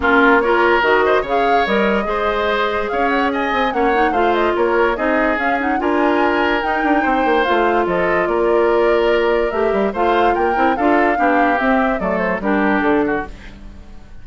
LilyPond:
<<
  \new Staff \with { instrumentName = "flute" } { \time 4/4 \tempo 4 = 145 ais'4 cis''4 dis''4 f''4 | dis''2. f''8 fis''8 | gis''4 fis''4 f''8 dis''8 cis''4 | dis''4 f''8 fis''8 gis''2 |
g''2 f''4 dis''4 | d''2. e''4 | f''4 g''4 f''2 | e''4 d''8 c''8 ais'4 a'4 | }
  \new Staff \with { instrumentName = "oboe" } { \time 4/4 f'4 ais'4. c''8 cis''4~ | cis''4 c''2 cis''4 | dis''4 cis''4 c''4 ais'4 | gis'2 ais'2~ |
ais'4 c''2 a'4 | ais'1 | c''4 ais'4 a'4 g'4~ | g'4 a'4 g'4. fis'8 | }
  \new Staff \with { instrumentName = "clarinet" } { \time 4/4 cis'4 f'4 fis'4 gis'4 | ais'4 gis'2.~ | gis'4 cis'8 dis'8 f'2 | dis'4 cis'8 dis'8 f'2 |
dis'2 f'2~ | f'2. g'4 | f'4. e'8 f'4 d'4 | c'4 a4 d'2 | }
  \new Staff \with { instrumentName = "bassoon" } { \time 4/4 ais2 dis4 cis4 | g4 gis2 cis'4~ | cis'8 c'8 ais4 a4 ais4 | c'4 cis'4 d'2 |
dis'8 d'8 c'8 ais8 a4 f4 | ais2. a8 g8 | a4 ais8 c'8 d'4 b4 | c'4 fis4 g4 d4 | }
>>